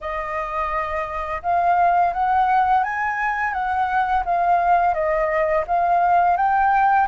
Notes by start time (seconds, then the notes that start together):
0.00 D#5
1.42 F5
2.13 F#5
2.83 G#5
3.53 F#5
4.25 F5
4.93 D#5
5.67 F5
6.36 G5